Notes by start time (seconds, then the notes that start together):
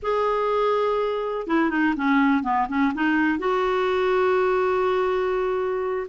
0.02 G#4
1.47 E4
1.70 D#4
1.96 C#4
2.43 B3
2.68 C#4
2.94 D#4
3.38 F#4